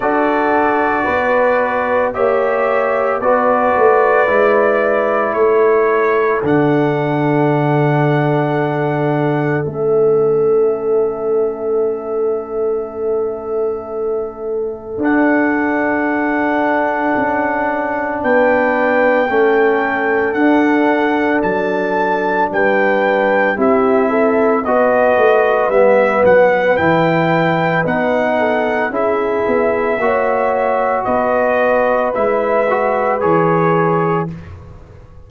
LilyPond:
<<
  \new Staff \with { instrumentName = "trumpet" } { \time 4/4 \tempo 4 = 56 d''2 e''4 d''4~ | d''4 cis''4 fis''2~ | fis''4 e''2.~ | e''2 fis''2~ |
fis''4 g''2 fis''4 | a''4 g''4 e''4 dis''4 | e''8 fis''8 g''4 fis''4 e''4~ | e''4 dis''4 e''4 cis''4 | }
  \new Staff \with { instrumentName = "horn" } { \time 4/4 a'4 b'4 cis''4 b'4~ | b'4 a'2.~ | a'1~ | a'1~ |
a'4 b'4 a'2~ | a'4 b'4 g'8 a'8 b'4~ | b'2~ b'8 a'8 gis'4 | cis''4 b'2. | }
  \new Staff \with { instrumentName = "trombone" } { \time 4/4 fis'2 g'4 fis'4 | e'2 d'2~ | d'4 cis'2.~ | cis'2 d'2~ |
d'2 cis'4 d'4~ | d'2 e'4 fis'4 | b4 e'4 dis'4 e'4 | fis'2 e'8 fis'8 gis'4 | }
  \new Staff \with { instrumentName = "tuba" } { \time 4/4 d'4 b4 ais4 b8 a8 | gis4 a4 d2~ | d4 a2.~ | a2 d'2 |
cis'4 b4 a4 d'4 | fis4 g4 c'4 b8 a8 | g8 fis8 e4 b4 cis'8 b8 | ais4 b4 gis4 e4 | }
>>